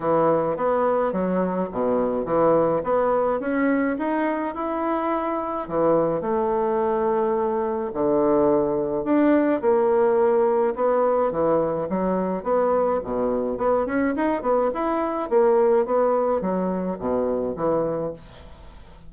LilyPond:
\new Staff \with { instrumentName = "bassoon" } { \time 4/4 \tempo 4 = 106 e4 b4 fis4 b,4 | e4 b4 cis'4 dis'4 | e'2 e4 a4~ | a2 d2 |
d'4 ais2 b4 | e4 fis4 b4 b,4 | b8 cis'8 dis'8 b8 e'4 ais4 | b4 fis4 b,4 e4 | }